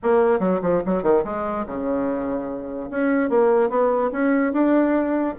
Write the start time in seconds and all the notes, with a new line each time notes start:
0.03 A#3
0.39 F#3
0.62 F3
0.85 F#3
1.02 D#3
1.24 G#3
1.66 C#3
2.90 C#4
3.29 A#3
3.69 B3
4.12 C#4
4.52 D4